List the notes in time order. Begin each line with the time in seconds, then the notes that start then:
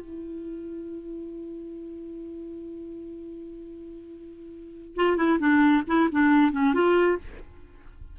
0.00 E4
4.96 F4
5.16 E4
5.39 D4
5.87 E4
6.11 D4
6.52 C#4
6.74 F4